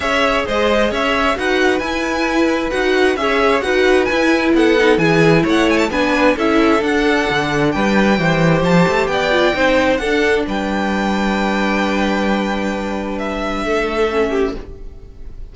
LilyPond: <<
  \new Staff \with { instrumentName = "violin" } { \time 4/4 \tempo 4 = 132 e''4 dis''4 e''4 fis''4 | gis''2 fis''4 e''4 | fis''4 gis''4 fis''4 gis''4 | fis''8 gis''16 a''16 gis''4 e''4 fis''4~ |
fis''4 g''2 a''4 | g''2 fis''4 g''4~ | g''1~ | g''4 e''2. | }
  \new Staff \with { instrumentName = "violin" } { \time 4/4 cis''4 c''4 cis''4 b'4~ | b'2. cis''4 | b'2 a'4 gis'4 | cis''4 b'4 a'2~ |
a'4 b'4 c''2 | d''4 c''4 a'4 b'4~ | b'1~ | b'2 a'4. g'8 | }
  \new Staff \with { instrumentName = "viola" } { \time 4/4 gis'2. fis'4 | e'2 fis'4 gis'4 | fis'4 e'4. dis'8 e'4~ | e'4 d'4 e'4 d'4~ |
d'2 g'2~ | g'8 f'8 dis'4 d'2~ | d'1~ | d'2. cis'4 | }
  \new Staff \with { instrumentName = "cello" } { \time 4/4 cis'4 gis4 cis'4 dis'4 | e'2 dis'4 cis'4 | dis'4 e'4 b4 e4 | a4 b4 cis'4 d'4 |
d4 g4 e4 f8 a8 | b4 c'4 d'4 g4~ | g1~ | g2 a2 | }
>>